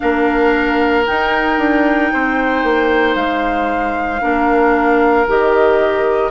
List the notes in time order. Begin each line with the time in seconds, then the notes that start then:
0.00 A#3 D4 A#4 F5
1.06 D#4 G5
1.58 D4
2.12 C4 C5
2.63 A#3
3.15 G#3 F5
4.20 A#3 D4 A#4
5.27 D#3 G4 D#5